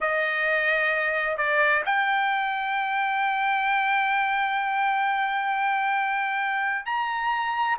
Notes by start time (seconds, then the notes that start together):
0.00 D#5
1.37 D5
1.85 G5
6.85 A#5